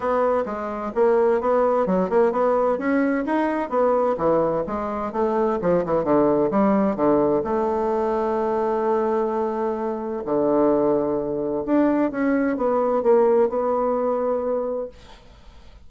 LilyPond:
\new Staff \with { instrumentName = "bassoon" } { \time 4/4 \tempo 4 = 129 b4 gis4 ais4 b4 | fis8 ais8 b4 cis'4 dis'4 | b4 e4 gis4 a4 | f8 e8 d4 g4 d4 |
a1~ | a2 d2~ | d4 d'4 cis'4 b4 | ais4 b2. | }